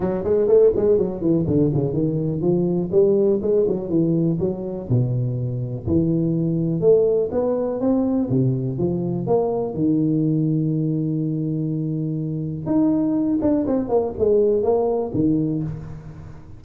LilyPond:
\new Staff \with { instrumentName = "tuba" } { \time 4/4 \tempo 4 = 123 fis8 gis8 a8 gis8 fis8 e8 d8 cis8 | dis4 f4 g4 gis8 fis8 | e4 fis4 b,2 | e2 a4 b4 |
c'4 c4 f4 ais4 | dis1~ | dis2 dis'4. d'8 | c'8 ais8 gis4 ais4 dis4 | }